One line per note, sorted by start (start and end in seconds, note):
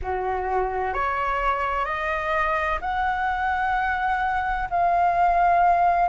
0.02 0.93 F#4
0.93 1.85 C#5
1.85 2.79 D#5
2.81 4.68 F#5
4.70 6.08 F5